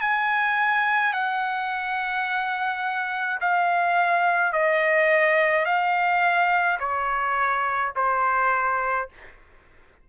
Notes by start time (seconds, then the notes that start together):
0.00 G#5
1.13 F#5
3.40 F5
4.52 D#5
5.65 F5
6.79 C#5
7.95 C5